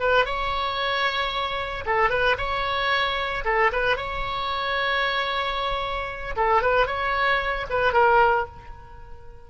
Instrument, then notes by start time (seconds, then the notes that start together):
oboe
0.00 B4
0.26 C#5
1.86 A4
2.10 B4
2.38 C#5
3.44 A4
3.72 B4
3.97 C#5
6.36 A4
6.62 B4
6.87 C#5
7.70 B4
7.93 A#4